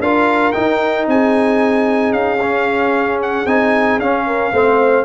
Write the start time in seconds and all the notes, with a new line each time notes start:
0.00 D4 F4 A#4 F5
0.52 D#4 G5
1.07 C4 G#4 G#5
2.12 C#4 F5
2.42 C#4
3.23 F#5
3.46 C4 D#4 G#5
3.99 C#4 F5
4.27 A#4
4.52 A3 C4 C5